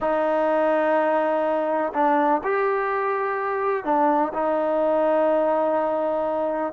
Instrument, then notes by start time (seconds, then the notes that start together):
trombone
0.00 D#4
1.93 D4
2.43 G4
3.84 D4
4.33 D#4